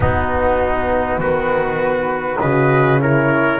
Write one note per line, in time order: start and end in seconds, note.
0.00 1.18 B3
0.00 2.40 B3
0.00 1.19 D#4
0.00 1.20 F#4
1.18 2.38 D#3
1.18 2.39 F#4
1.18 2.39 B4
2.39 3.59 C#3
2.39 3.00 F#4
2.39 3.00 B4
2.39 2.98 D#5
3.00 3.59 E4
3.00 3.59 A#4
3.00 3.59 C#5